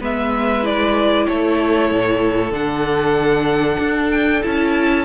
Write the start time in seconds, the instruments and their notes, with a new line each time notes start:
0.00 cello G#3, viola B3, violin B4 E5
0.63 viola E4, violin D5
1.27 cello A3, violin A4 C#5
1.91 cello A2
2.51 cello D3, viola D4, violin F#5
3.79 cello D4
4.11 violin G5
4.42 cello C#4, viola E4, violin A5